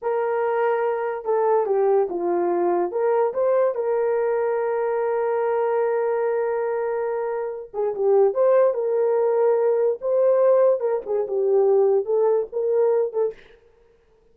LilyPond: \new Staff \with { instrumentName = "horn" } { \time 4/4 \tempo 4 = 144 ais'2. a'4 | g'4 f'2 ais'4 | c''4 ais'2.~ | ais'1~ |
ais'2~ ais'8 gis'8 g'4 | c''4 ais'2. | c''2 ais'8 gis'8 g'4~ | g'4 a'4 ais'4. a'8 | }